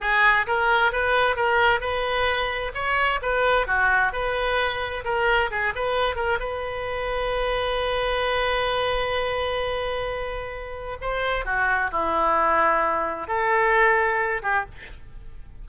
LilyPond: \new Staff \with { instrumentName = "oboe" } { \time 4/4 \tempo 4 = 131 gis'4 ais'4 b'4 ais'4 | b'2 cis''4 b'4 | fis'4 b'2 ais'4 | gis'8 b'4 ais'8 b'2~ |
b'1~ | b'1 | c''4 fis'4 e'2~ | e'4 a'2~ a'8 g'8 | }